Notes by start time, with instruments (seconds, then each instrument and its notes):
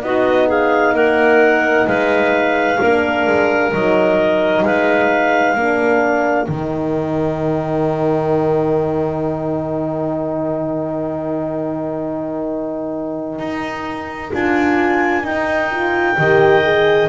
0.00 double bass B3, horn D#4, clarinet F#4 D#5
0.47 clarinet G#4 F5
0.94 double bass A#3, clarinet A#4 F#5
1.87 double bass G#3, clarinet B4 F5
2.80 double bass A#3, horn D4, clarinet A#4
3.27 double bass G#3
3.73 double bass F#3, horn D#4, clarinet D#5
4.63 double bass G#3, clarinet B4 F5
5.55 double bass A#3, horn D4, clarinet A#4
6.45 double bass D#3, horn D#4, clarinet G5
13.39 double bass D#4
14.32 double bass D4, horn F4, clarinet G#5
15.24 double bass D#4, horn D#4, clarinet G5
15.71 horn F4
16.18 double bass D#3, horn G4, clarinet D#5
16.64 horn G#4